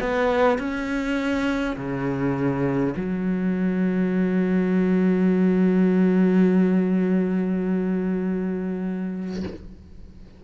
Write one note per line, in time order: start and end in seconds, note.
0.00 0.58 B3
0.58 1.76 C#4
1.76 2.94 C#3
2.96 9.43 F#3